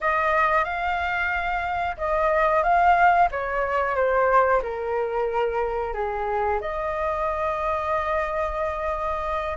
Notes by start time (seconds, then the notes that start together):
0.00 D#5
0.64 F5
1.97 D#5
2.63 F5
3.31 C#5
3.95 C5
4.62 A#4
5.93 G#4
6.61 D#5